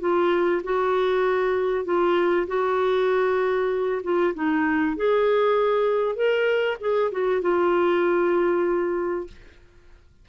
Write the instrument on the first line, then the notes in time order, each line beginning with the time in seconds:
clarinet
0.00 F4
0.64 F#4
1.85 F4
2.47 F#4
4.03 F4
4.35 D#4
4.97 G#4
6.15 A#4
6.80 G#4
7.12 F#4
7.41 F4